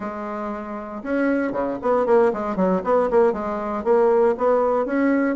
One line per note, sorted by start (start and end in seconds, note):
0.00 1.02 G#3
1.03 1.52 C#4
1.52 1.77 C#3
1.82 2.06 B3
2.06 2.31 A#3
2.33 2.56 G#3
2.56 2.81 F#3
2.84 3.09 B3
3.10 3.32 A#3
3.32 3.83 G#3
3.84 4.35 A#3
4.37 4.85 B3
4.85 5.36 C#4